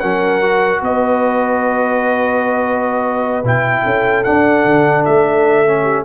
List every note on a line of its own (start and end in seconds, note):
0.00 0.82 F#3
0.00 0.42 C#4
0.00 0.82 A#4
0.00 0.81 F#5
0.42 3.44 F#4
0.82 3.43 B3
0.82 3.83 B4
0.82 3.46 D#5
3.44 3.84 B2
3.44 4.25 E4
3.44 4.24 G5
3.83 4.25 C#4
3.83 5.82 A4
4.24 5.66 D4
4.24 4.65 D4
4.24 5.04 F#5
4.65 5.05 D3
5.05 6.05 A3
5.05 6.05 E5
5.66 6.05 C#4
5.82 6.03 G4